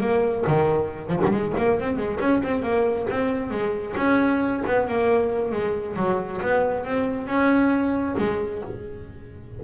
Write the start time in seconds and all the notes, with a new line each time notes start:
0.00 A#3
0.47 D#3
1.08 F3
1.25 G3 G#3
1.57 A#3
1.79 C4
1.97 G#3
2.20 C#4
2.43 C4
2.62 A#3
3.10 C4
3.50 G#3
3.96 C#4
4.66 B3
4.88 A#3
5.51 G#3
5.96 F#3
6.41 B3
6.85 C4
7.27 C#4
8.18 G#3